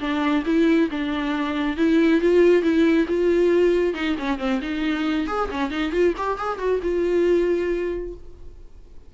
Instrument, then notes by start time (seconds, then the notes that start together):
viola
0.00 D4
0.46 E4
0.91 D4
1.77 E4
2.21 F4
2.62 E4
3.08 F4
3.94 D#4
4.19 C#4
4.39 C4
4.62 D#4
5.28 G#4
5.51 C#4
5.71 D#4
5.92 F4
6.17 G4
6.38 G#4
6.59 F#4
6.83 F4